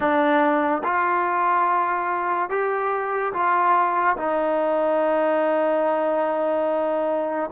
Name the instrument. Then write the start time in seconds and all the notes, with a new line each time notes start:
trombone
0.00 D4
0.83 F4
2.49 G4
3.33 F4
4.17 D#4